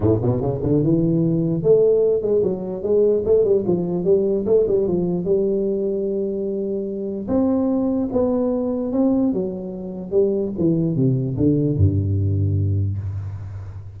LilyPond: \new Staff \with { instrumentName = "tuba" } { \time 4/4 \tempo 4 = 148 a,8 b,8 cis8 d8 e2 | a4. gis8 fis4 gis4 | a8 g8 f4 g4 a8 g8 | f4 g2.~ |
g2 c'2 | b2 c'4 fis4~ | fis4 g4 e4 c4 | d4 g,2. | }